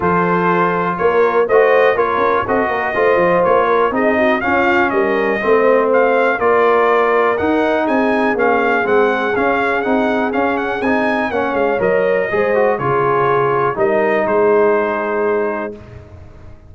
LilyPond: <<
  \new Staff \with { instrumentName = "trumpet" } { \time 4/4 \tempo 4 = 122 c''2 cis''4 dis''4 | cis''4 dis''2 cis''4 | dis''4 f''4 dis''2 | f''4 d''2 fis''4 |
gis''4 f''4 fis''4 f''4 | fis''4 f''8 fis''8 gis''4 fis''8 f''8 | dis''2 cis''2 | dis''4 c''2. | }
  \new Staff \with { instrumentName = "horn" } { \time 4/4 a'2 ais'4 c''4 | ais'4 a'8 ais'8 c''4. ais'8 | gis'8 fis'8 f'4 ais'4 c''4~ | c''4 ais'2. |
gis'1~ | gis'2. cis''4~ | cis''4 c''4 gis'2 | ais'4 gis'2. | }
  \new Staff \with { instrumentName = "trombone" } { \time 4/4 f'2. fis'4 | f'4 fis'4 f'2 | dis'4 cis'2 c'4~ | c'4 f'2 dis'4~ |
dis'4 cis'4 c'4 cis'4 | dis'4 cis'4 dis'4 cis'4 | ais'4 gis'8 fis'8 f'2 | dis'1 | }
  \new Staff \with { instrumentName = "tuba" } { \time 4/4 f2 ais4 a4 | ais8 cis'8 c'8 ais8 a8 f8 ais4 | c'4 cis'4 g4 a4~ | a4 ais2 dis'4 |
c'4 ais4 gis4 cis'4 | c'4 cis'4 c'4 ais8 gis8 | fis4 gis4 cis2 | g4 gis2. | }
>>